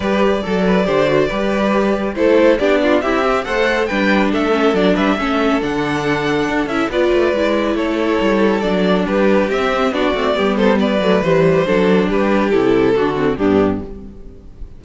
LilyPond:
<<
  \new Staff \with { instrumentName = "violin" } { \time 4/4 \tempo 4 = 139 d''1~ | d''4 c''4 d''4 e''4 | fis''4 g''4 e''4 d''8 e''8~ | e''4 fis''2~ fis''8 e''8 |
d''2 cis''2 | d''4 b'4 e''4 d''4~ | d''8 c''8 d''4 c''2 | b'4 a'2 g'4 | }
  \new Staff \with { instrumentName = "violin" } { \time 4/4 b'4 a'8 b'8 c''4 b'4~ | b'4 a'4 g'8 f'8 e'8 g'8 | c''4 b'4 a'4. b'8 | a'1 |
b'2 a'2~ | a'4 g'2 fis'4 | g'8 a'8 b'2 a'4 | g'2 fis'4 d'4 | }
  \new Staff \with { instrumentName = "viola" } { \time 4/4 g'4 a'4 g'8 fis'8 g'4~ | g'4 e'4 d'4 g'4 | a'4 d'4. cis'8 d'4 | cis'4 d'2~ d'8 e'8 |
f'4 e'2. | d'2 c'4 d'8 c'8 | b4. a8 g4 d'4~ | d'4 e'4 d'8 c'8 b4 | }
  \new Staff \with { instrumentName = "cello" } { \time 4/4 g4 fis4 d4 g4~ | g4 a4 b4 c'4 | a4 g4 a4 fis8 g8 | a4 d2 d'8 cis'8 |
b8 a8 gis4 a4 g4 | fis4 g4 c'4 b8 a8 | g4. fis8 e4 fis4 | g4 c4 d4 g,4 | }
>>